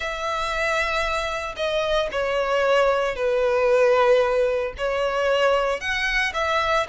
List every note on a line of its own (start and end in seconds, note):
0.00 1.55 E5
1.56 2.09 D#5
2.11 3.15 C#5
3.15 4.73 B4
4.77 5.80 C#5
5.80 6.33 F#5
6.33 6.86 E5